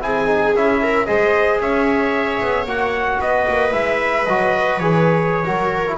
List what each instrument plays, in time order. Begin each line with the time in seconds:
0.00 double bass C4, trombone E4, viola G#4, trumpet G#5
0.26 trombone D#4
0.54 double bass C#4, trombone E4, trumpet E5
0.82 viola A#4
1.06 double bass G#3, trombone G#4, viola C5, trumpet D#5
1.60 double bass C#4, viola C#5, trumpet E5
2.41 double bass B3
2.65 double bass A#3, trombone F#4, trumpet F#5
3.19 double bass B3, viola B4, trumpet D#5
3.47 double bass A#3
3.71 double bass G#3, trombone E4, trumpet E5
4.26 double bass F#3, trombone F#4, trumpet D#5
4.79 double bass E3, trombone G#4, trumpet C#5
5.44 double bass F#3, trombone F#4, viola A#4
5.86 trombone E4